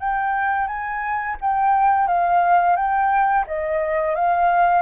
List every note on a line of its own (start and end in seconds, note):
0.00 0.68 G5
0.68 1.37 G#5
1.41 2.08 G5
2.08 2.76 F5
2.76 3.45 G5
3.47 4.15 D#5
4.15 4.82 F5